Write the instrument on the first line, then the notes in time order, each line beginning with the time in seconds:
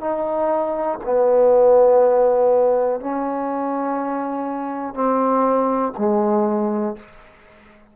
trombone
0.00 D#4
1.04 B3
3.00 C#4
4.94 C4
5.97 G#3